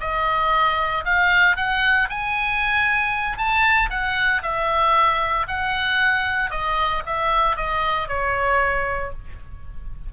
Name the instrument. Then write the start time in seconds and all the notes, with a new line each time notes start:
oboe
0.00 D#5
1.04 F5
1.56 F#5
2.09 G#5
3.37 A5
3.90 F#5
4.42 E5
5.47 F#5
6.50 D#5
7.06 E5
7.56 D#5
8.08 C#5